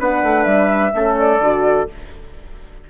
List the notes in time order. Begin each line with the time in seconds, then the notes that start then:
0.00 B3 D4 B4 F#5
0.23 A3
0.43 G3 E5
0.94 A3 C#4 A4
1.19 D5
1.40 D3 F#4